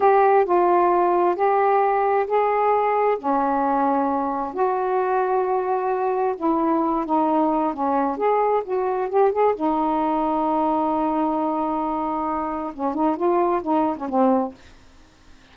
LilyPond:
\new Staff \with { instrumentName = "saxophone" } { \time 4/4 \tempo 4 = 132 g'4 f'2 g'4~ | g'4 gis'2 cis'4~ | cis'2 fis'2~ | fis'2 e'4. dis'8~ |
dis'4 cis'4 gis'4 fis'4 | g'8 gis'8 dis'2.~ | dis'1 | cis'8 dis'8 f'4 dis'8. cis'16 c'4 | }